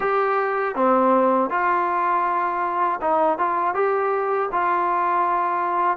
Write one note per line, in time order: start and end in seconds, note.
0.00 0.75 G4
0.75 1.50 C4
1.50 3.00 F4
3.01 3.38 D#4
3.38 3.74 F4
3.74 4.49 G4
4.51 5.97 F4